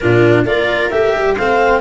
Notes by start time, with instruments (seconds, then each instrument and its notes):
0.00 tuba A#2, cello D4, viola F4, clarinet A#4
0.45 tuba A#3, cello F4, viola A#4, clarinet D5
0.89 tuba A3, cello G4, clarinet E5
1.14 tuba G3
1.34 tuba A3, cello C4, viola C5, clarinet F5